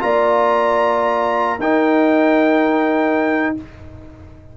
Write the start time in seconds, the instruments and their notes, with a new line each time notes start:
0.00 tuba A#3, trombone F4, horn D5, trumpet A#5
1.59 tuba D#4, trombone D#4, horn A#4, trumpet G5